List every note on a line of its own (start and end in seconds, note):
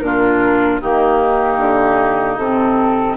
0.00 0.80 A#2
0.00 0.81 D4
0.00 0.80 F4
0.00 0.79 A#4
0.80 1.58 D#3
0.80 2.39 A#3
0.80 3.16 D#4
0.80 2.36 G4
1.58 2.37 D3
2.36 3.16 C3
2.36 3.16 C4
2.36 3.15 A4